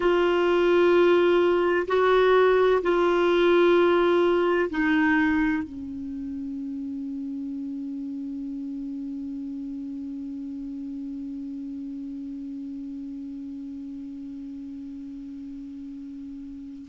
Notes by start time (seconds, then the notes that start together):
0.00 F4
1.87 F#4
2.82 F4
4.70 D#4
5.63 C#4